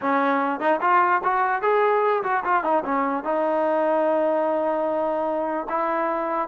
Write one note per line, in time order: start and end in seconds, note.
0.01 0.60 C#4
0.60 0.80 D#4
0.81 1.21 F4
1.23 1.62 F#4
1.62 2.23 G#4
2.23 2.43 F#4
2.44 2.63 F4
2.63 2.83 D#4
2.84 3.24 C#4
3.24 5.67 D#4
5.69 6.48 E4